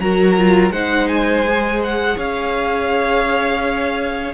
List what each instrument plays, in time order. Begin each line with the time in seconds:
0.00 cello F#3, viola F#4, violin A#4 A#5
0.38 viola F4
0.70 cello G#3, viola D#4, violin C5 F#5
1.08 violin G#5
1.48 viola G#4
1.84 violin F#5
2.17 cello C#4, violin C#5 F5